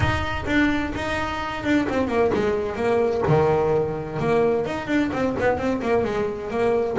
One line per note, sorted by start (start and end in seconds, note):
0.00 0.44 D#4
0.46 0.93 D4
0.95 1.64 D#4
1.64 1.87 D4
1.89 2.07 C4
2.07 2.31 A#3
2.34 2.75 G#3
2.75 3.22 A#3
3.27 4.19 D#3
4.19 4.66 A#3
4.66 4.87 D#4
4.87 5.10 D4
5.12 5.36 C4
5.39 5.57 B3
5.57 5.80 C4
5.82 6.04 A#3
6.04 6.50 G#3
6.50 6.96 A#3